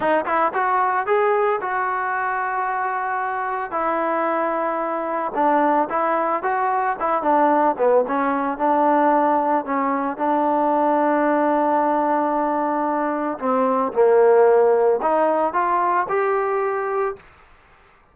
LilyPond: \new Staff \with { instrumentName = "trombone" } { \time 4/4 \tempo 4 = 112 dis'8 e'8 fis'4 gis'4 fis'4~ | fis'2. e'4~ | e'2 d'4 e'4 | fis'4 e'8 d'4 b8 cis'4 |
d'2 cis'4 d'4~ | d'1~ | d'4 c'4 ais2 | dis'4 f'4 g'2 | }